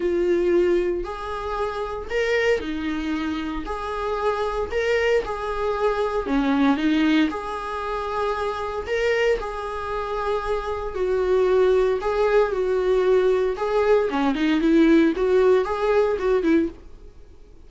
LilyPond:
\new Staff \with { instrumentName = "viola" } { \time 4/4 \tempo 4 = 115 f'2 gis'2 | ais'4 dis'2 gis'4~ | gis'4 ais'4 gis'2 | cis'4 dis'4 gis'2~ |
gis'4 ais'4 gis'2~ | gis'4 fis'2 gis'4 | fis'2 gis'4 cis'8 dis'8 | e'4 fis'4 gis'4 fis'8 e'8 | }